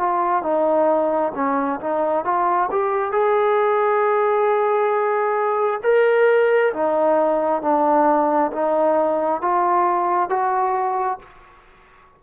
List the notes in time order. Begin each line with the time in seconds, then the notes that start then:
0.00 F4
0.43 D#4
1.36 C#4
1.80 D#4
2.25 F4
2.71 G4
3.12 G#4
5.83 A#4
6.74 D#4
7.62 D4
8.52 D#4
9.42 F4
10.30 F#4